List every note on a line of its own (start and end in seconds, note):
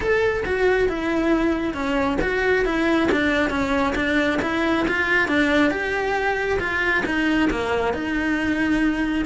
0.00 0.44 A4
0.45 0.88 F#4
0.88 1.74 E4
1.74 2.18 C#4
2.21 2.65 F#4
2.65 3.09 E4
3.11 3.50 D4
3.50 3.94 C#4
3.95 4.39 D4
4.42 4.86 E4
4.87 5.28 F4
5.28 5.70 D4
5.70 6.59 G4
6.59 7.03 F4
7.05 7.49 D#4
7.50 7.93 A#3
7.93 9.25 D#4